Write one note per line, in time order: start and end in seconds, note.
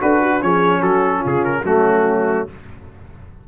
0.00 0.42 D4
0.00 0.40 F#4
0.00 0.21 A4
0.00 0.42 B4
0.21 0.42 F#4
0.40 0.81 F3
0.40 1.63 C#4
0.40 0.80 G#4
0.40 0.82 C#5
0.80 1.22 F#3
0.80 1.18 F#4
0.80 1.23 A4
1.18 1.60 F4
1.25 1.63 C#3
1.25 1.44 G#4
1.44 1.64 A#4
1.63 2.46 F#3
1.63 2.47 A3
1.63 2.47 C#4
1.63 2.48 F#4